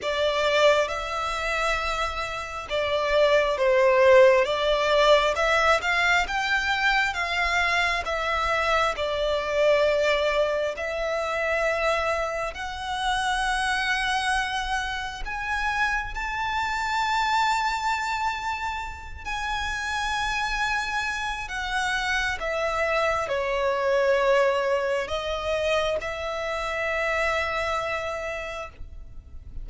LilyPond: \new Staff \with { instrumentName = "violin" } { \time 4/4 \tempo 4 = 67 d''4 e''2 d''4 | c''4 d''4 e''8 f''8 g''4 | f''4 e''4 d''2 | e''2 fis''2~ |
fis''4 gis''4 a''2~ | a''4. gis''2~ gis''8 | fis''4 e''4 cis''2 | dis''4 e''2. | }